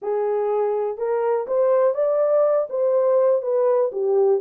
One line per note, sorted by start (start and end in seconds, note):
0.01 0.97 G#4
0.97 1.46 A#4
1.47 1.94 C5
1.94 2.67 D5
2.69 3.42 C5
3.42 3.90 B4
3.92 4.40 G4